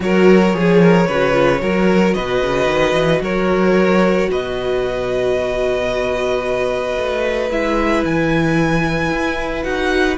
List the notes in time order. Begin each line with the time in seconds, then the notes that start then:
0.00 F#3 F#4 A#4 C#5
0.53 F3 G#4
0.81 A#4
1.07 C#3 F#4 B4
1.32 F4
1.59 F#3 F#4 A#4
2.13 B2 B4 D#5
2.42 C#3
2.66 D#3
2.93 E3
3.20 F#3 A#4 C#5
4.30 B2 B4 D#5
6.97 A3
7.50 G#3 E4 E5
8.04 E3 G#5
9.11 E4
9.62 D#4 F#4 F#5